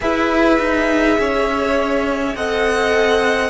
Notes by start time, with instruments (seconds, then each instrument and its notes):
0.00 cello E4, viola G#4, violin B4 E5
0.59 cello D#4
1.18 cello C#4, violin C#5
2.35 cello C4, viola A4, violin D#5 F#5